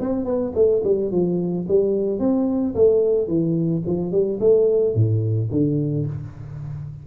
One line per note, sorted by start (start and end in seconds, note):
0.00 0.25 C4
0.25 0.52 B3
0.55 0.82 A3
0.84 1.11 G3
1.11 1.66 F3
1.68 2.19 G3
2.19 2.74 C4
2.75 3.28 A3
3.28 3.83 E3
3.87 4.11 F3
4.11 4.39 G3
4.40 4.94 A3
4.94 5.49 A2
5.51 6.06 D3